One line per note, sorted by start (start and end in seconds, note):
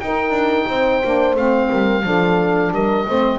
0.00 1.02 D#4
0.00 0.30 D#4
0.00 0.68 A#4
0.00 1.36 G5
0.30 0.64 D4
0.68 1.03 C4
0.68 1.71 C5
1.04 1.35 A#3
1.04 1.37 D4
1.35 1.69 A3
1.35 2.03 C4
1.35 2.74 F5
1.71 2.04 G3
1.71 2.05 A#4
2.03 2.72 F3
2.03 3.05 D4
2.03 2.74 A4
2.72 3.06 G3
2.72 3.08 A#4
2.72 3.39 D#5
3.08 3.39 A3
3.08 3.39 C4
3.08 3.39 C5